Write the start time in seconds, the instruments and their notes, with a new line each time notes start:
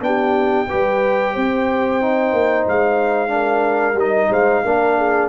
0.00 tuba B3, trombone D4, horn G4, trumpet G5
0.68 tuba G3, trombone G4, horn B4
1.33 tuba C4, horn C5
2.01 trombone D#4
2.33 tuba A#3
2.68 tuba G#3, trumpet F5
3.28 trombone D4, horn A#4
3.94 tuba G3, trombone D#4, trumpet D#5
4.30 tuba G#3, horn C5, trumpet F5
4.64 tuba A#3, trombone D4, horn A#4
4.97 horn G#4